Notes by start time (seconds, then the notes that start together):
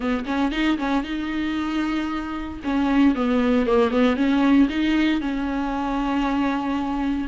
0.00 B3
0.25 C#4
0.51 D#4
0.78 C#4
1.03 D#4
2.63 C#4
3.15 B3
3.66 A#3
3.90 B3
4.16 C#4
4.69 D#4
5.20 C#4